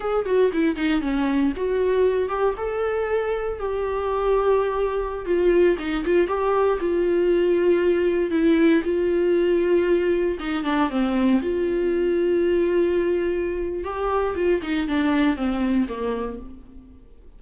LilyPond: \new Staff \with { instrumentName = "viola" } { \time 4/4 \tempo 4 = 117 gis'8 fis'8 e'8 dis'8 cis'4 fis'4~ | fis'8 g'8 a'2 g'4~ | g'2~ g'16 f'4 dis'8 f'16~ | f'16 g'4 f'2~ f'8.~ |
f'16 e'4 f'2~ f'8.~ | f'16 dis'8 d'8 c'4 f'4.~ f'16~ | f'2. g'4 | f'8 dis'8 d'4 c'4 ais4 | }